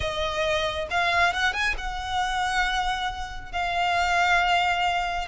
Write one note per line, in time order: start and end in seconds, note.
0.00 0.88 D#5
0.90 1.33 F5
1.33 1.53 F#5
1.53 1.75 G#5
1.77 3.51 F#5
3.51 5.27 F5